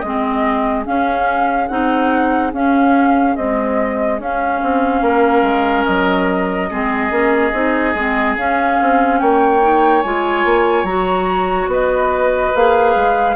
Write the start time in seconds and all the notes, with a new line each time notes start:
0.00 G#3 C4 G#4 D#5
0.84 C#4 F5
1.67 C4 D#4 F#5
2.52 C#4 F5
3.36 G#3 C4 D#5
4.19 C#4 F5
4.62 C4
5.01 A#3 A#4
5.42 G#3
5.84 F#3 D#5
6.70 G#3 C4 G#4
7.10 A#3 C#4
7.52 C4 D#4
7.94 G#3 C4
8.37 C#4 F5
8.81 C4
9.19 A#3 C#5 G5
9.61 D#4
10.02 G#3 F4 G#5
10.44 A#3
10.83 F#3 F#4 A#5
11.67 B3 B4 D#5
12.55 A#3 G#4 F5
12.95 G#3